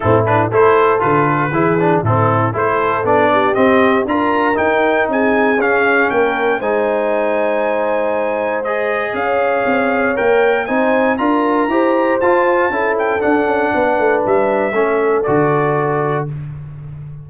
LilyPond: <<
  \new Staff \with { instrumentName = "trumpet" } { \time 4/4 \tempo 4 = 118 a'8 b'8 c''4 b'2 | a'4 c''4 d''4 dis''4 | ais''4 g''4 gis''4 f''4 | g''4 gis''2.~ |
gis''4 dis''4 f''2 | g''4 gis''4 ais''2 | a''4. g''8 fis''2 | e''2 d''2 | }
  \new Staff \with { instrumentName = "horn" } { \time 4/4 e'4 a'2 gis'4 | e'4 a'4. g'4. | ais'2 gis'2 | ais'4 c''2.~ |
c''2 cis''2~ | cis''4 c''4 ais'4 c''4~ | c''4 a'2 b'4~ | b'4 a'2. | }
  \new Staff \with { instrumentName = "trombone" } { \time 4/4 c'8 d'8 e'4 f'4 e'8 d'8 | c'4 e'4 d'4 c'4 | f'4 dis'2 cis'4~ | cis'4 dis'2.~ |
dis'4 gis'2. | ais'4 dis'4 f'4 g'4 | f'4 e'4 d'2~ | d'4 cis'4 fis'2 | }
  \new Staff \with { instrumentName = "tuba" } { \time 4/4 a,4 a4 d4 e4 | a,4 a4 b4 c'4 | d'4 dis'4 c'4 cis'4 | ais4 gis2.~ |
gis2 cis'4 c'4 | ais4 c'4 d'4 e'4 | f'4 cis'4 d'8 cis'8 b8 a8 | g4 a4 d2 | }
>>